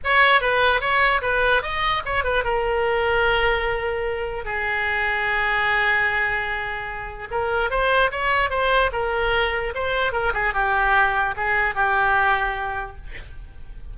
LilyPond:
\new Staff \with { instrumentName = "oboe" } { \time 4/4 \tempo 4 = 148 cis''4 b'4 cis''4 b'4 | dis''4 cis''8 b'8 ais'2~ | ais'2. gis'4~ | gis'1~ |
gis'2 ais'4 c''4 | cis''4 c''4 ais'2 | c''4 ais'8 gis'8 g'2 | gis'4 g'2. | }